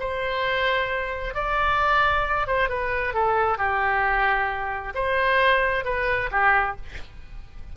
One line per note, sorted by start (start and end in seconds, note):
0.00 1.35 C5
1.35 2.48 D5
2.48 2.69 C5
2.69 3.14 B4
3.14 3.58 A4
3.58 4.94 G4
4.95 5.85 C5
5.85 6.30 B4
6.32 6.77 G4